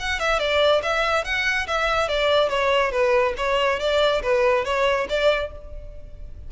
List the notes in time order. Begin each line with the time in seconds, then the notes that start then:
0.00 F#5
0.20 E5
0.39 D5
0.83 E5
1.25 F#5
1.68 E5
2.09 D5
2.50 C#5
2.92 B4
3.38 C#5
3.80 D5
4.23 B4
4.65 C#5
5.09 D5